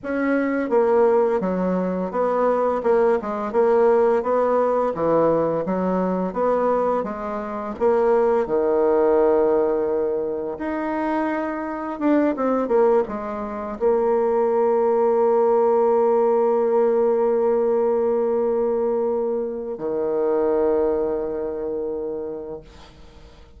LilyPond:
\new Staff \with { instrumentName = "bassoon" } { \time 4/4 \tempo 4 = 85 cis'4 ais4 fis4 b4 | ais8 gis8 ais4 b4 e4 | fis4 b4 gis4 ais4 | dis2. dis'4~ |
dis'4 d'8 c'8 ais8 gis4 ais8~ | ais1~ | ais1 | dis1 | }